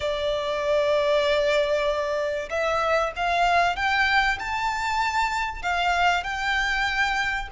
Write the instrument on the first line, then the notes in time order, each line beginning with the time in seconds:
violin
0.00 D5
2.49 E5
3.16 F5
3.76 G5
4.39 A5
5.62 F5
6.23 G5